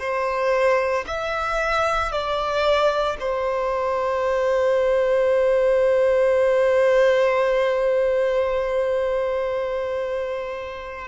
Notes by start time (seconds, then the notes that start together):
0.00 C5
1.07 E5
2.12 D5
3.20 C5